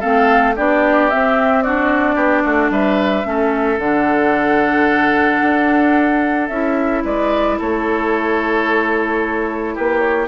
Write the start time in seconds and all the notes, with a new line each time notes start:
0.00 A3 C4 A4 F5
0.56 B3 D4 G4 D5
1.10 C4 E5
1.62 D4 F#4 D5
2.15 B3 G4
2.44 A3 F#4
2.70 G3 B4 E5
3.24 A3 C#4 A4
3.78 D3 D4 F#5
5.42 D4
6.48 C#4 E4 E5
7.04 G#3 B4 D5
7.59 A3 A4 C#5
9.74 A#3 G4 B4
9.99 C#5